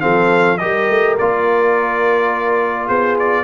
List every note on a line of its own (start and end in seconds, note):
0.00 0.61 F3
0.00 0.58 C4
0.00 0.59 A4
0.00 0.57 F5
0.57 0.89 G3
0.57 1.17 G4
0.57 2.86 A#4
0.57 1.14 D#5
0.89 1.18 A3
1.18 2.88 A#3
1.18 3.44 F4
1.18 2.88 D5
2.86 3.44 B3
2.86 3.43 G#4
2.86 3.16 C5
3.18 3.44 D5